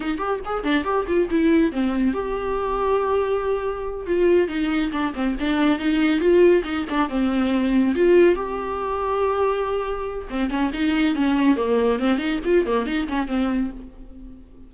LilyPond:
\new Staff \with { instrumentName = "viola" } { \time 4/4 \tempo 4 = 140 dis'8 g'8 gis'8 d'8 g'8 f'8 e'4 | c'4 g'2.~ | g'4. f'4 dis'4 d'8 | c'8 d'4 dis'4 f'4 dis'8 |
d'8 c'2 f'4 g'8~ | g'1 | c'8 cis'8 dis'4 cis'4 ais4 | c'8 dis'8 f'8 ais8 dis'8 cis'8 c'4 | }